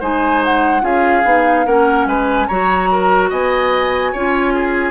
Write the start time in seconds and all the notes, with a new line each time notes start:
0.00 G#3 D#4 C5 G#5
0.45 F#5
0.81 C#4 F4 G#4 F5
1.25 B3 D#4
1.66 A#3 C#4 A#4 F#5
2.06 G#3 B4 G#5
2.47 F#3 F#4 C#5 A#5
2.92 A#4
3.30 B3 D#5 G#5
4.12 C#4 F4 C#5
4.54 G#4